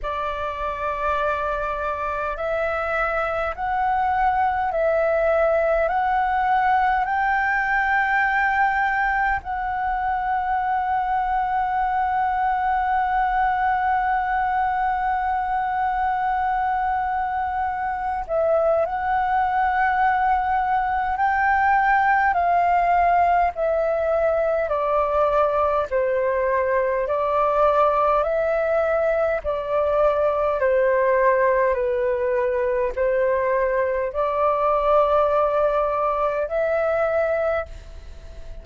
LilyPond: \new Staff \with { instrumentName = "flute" } { \time 4/4 \tempo 4 = 51 d''2 e''4 fis''4 | e''4 fis''4 g''2 | fis''1~ | fis''2.~ fis''8 e''8 |
fis''2 g''4 f''4 | e''4 d''4 c''4 d''4 | e''4 d''4 c''4 b'4 | c''4 d''2 e''4 | }